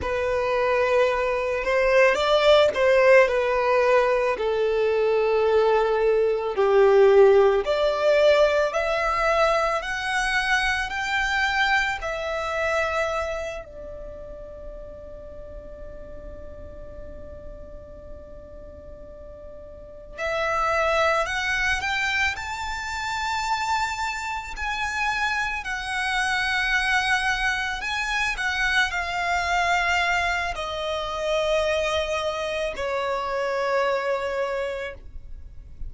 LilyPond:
\new Staff \with { instrumentName = "violin" } { \time 4/4 \tempo 4 = 55 b'4. c''8 d''8 c''8 b'4 | a'2 g'4 d''4 | e''4 fis''4 g''4 e''4~ | e''8 d''2.~ d''8~ |
d''2~ d''8 e''4 fis''8 | g''8 a''2 gis''4 fis''8~ | fis''4. gis''8 fis''8 f''4. | dis''2 cis''2 | }